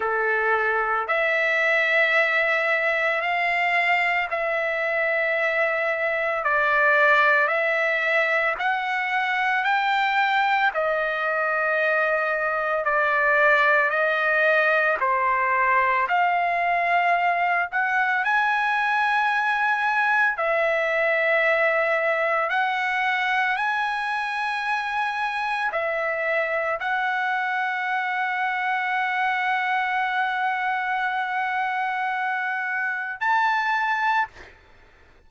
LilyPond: \new Staff \with { instrumentName = "trumpet" } { \time 4/4 \tempo 4 = 56 a'4 e''2 f''4 | e''2 d''4 e''4 | fis''4 g''4 dis''2 | d''4 dis''4 c''4 f''4~ |
f''8 fis''8 gis''2 e''4~ | e''4 fis''4 gis''2 | e''4 fis''2.~ | fis''2. a''4 | }